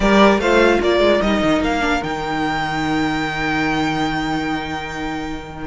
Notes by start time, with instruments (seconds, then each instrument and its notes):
0.00 cello G3, viola G4, violin A#4 D5
0.38 cello A3, viola F4, violin C5 F5
0.80 cello A#3, violin A#4 D5
0.99 cello G#3
1.21 cello G3, viola D#4, violin D#5
1.42 cello D#3
1.60 cello A#3, violin F5
1.80 viola D4
2.03 cello D#3, viola D#4, violin G5